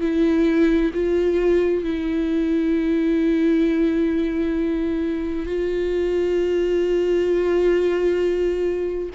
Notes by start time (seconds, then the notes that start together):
0.00 E4
0.93 F4
1.84 E4
5.46 F4